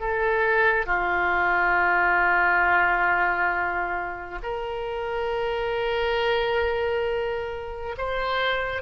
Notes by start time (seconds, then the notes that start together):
0.00 A4
0.86 F4
4.42 A#4
7.97 C5